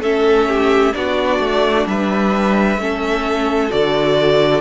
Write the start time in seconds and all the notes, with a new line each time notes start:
0.00 A3 C#4 A4 E5
0.49 G4
0.94 B3 D4 F#4 D5
1.40 A3
1.86 G3 B4 E5
2.78 A3 C#4 A4
3.70 D3 F#4 D5